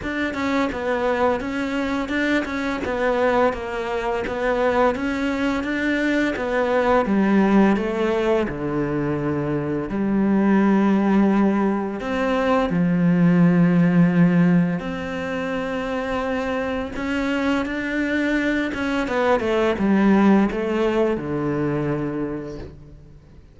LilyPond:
\new Staff \with { instrumentName = "cello" } { \time 4/4 \tempo 4 = 85 d'8 cis'8 b4 cis'4 d'8 cis'8 | b4 ais4 b4 cis'4 | d'4 b4 g4 a4 | d2 g2~ |
g4 c'4 f2~ | f4 c'2. | cis'4 d'4. cis'8 b8 a8 | g4 a4 d2 | }